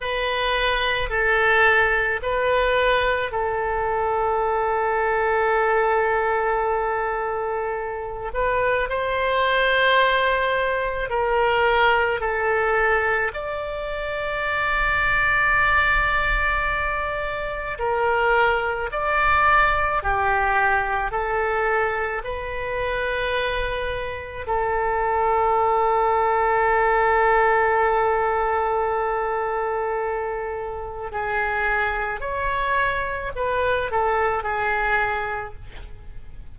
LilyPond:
\new Staff \with { instrumentName = "oboe" } { \time 4/4 \tempo 4 = 54 b'4 a'4 b'4 a'4~ | a'2.~ a'8 b'8 | c''2 ais'4 a'4 | d''1 |
ais'4 d''4 g'4 a'4 | b'2 a'2~ | a'1 | gis'4 cis''4 b'8 a'8 gis'4 | }